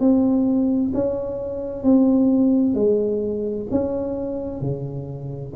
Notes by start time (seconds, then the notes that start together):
0.00 C4
0.94 C#4
1.83 C4
2.74 G#3
3.71 C#4
4.61 C#3